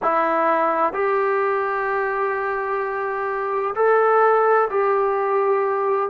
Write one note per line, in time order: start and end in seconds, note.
0.02 0.93 E4
0.93 3.74 G4
3.75 4.68 A4
4.70 6.09 G4